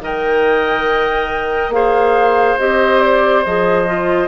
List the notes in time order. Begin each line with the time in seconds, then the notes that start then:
0.00 D#3 A#4 D#5 G5
1.69 A#3 G#4 C5 F5
2.59 C4 G4 D#5
3.01 D5
3.45 F3 G#4 D#5
3.87 F4